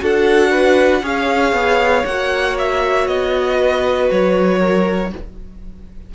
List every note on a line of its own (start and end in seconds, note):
0.00 1.02 D4
0.00 1.02 F#4
0.00 0.51 A4
0.00 1.06 F#5
0.51 1.02 B4
1.02 1.53 C#4
1.02 2.05 G#4
1.02 3.58 C#5
1.02 2.06 F5
1.53 2.04 B3
2.06 3.07 A#3
2.06 5.15 F#4
2.06 2.57 F#5
2.59 3.07 E5
3.07 4.09 B3
3.07 4.09 D#5
3.58 4.59 B4
4.11 5.13 F#3
4.11 5.13 C#5
4.59 5.10 A#4